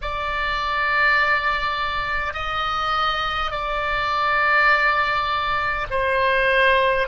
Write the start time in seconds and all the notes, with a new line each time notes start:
0.01 D5
2.33 D#5
3.51 D5
5.90 C5